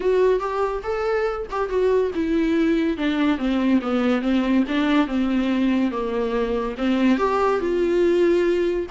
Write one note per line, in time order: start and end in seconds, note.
0.00 0.39 F#4
0.39 0.81 G4
0.83 1.46 A4
1.50 1.69 G4
1.69 2.11 F#4
2.15 2.97 E4
2.97 3.37 D4
3.37 3.80 C4
3.81 4.21 B3
4.21 4.63 C4
4.68 5.07 D4
5.07 5.91 C4
5.91 6.75 A#3
6.77 7.18 C4
7.18 7.59 G4
7.59 8.86 F4